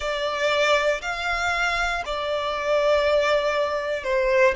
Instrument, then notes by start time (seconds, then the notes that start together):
violin
0.00 D5
1.01 F5
2.05 D5
4.03 C5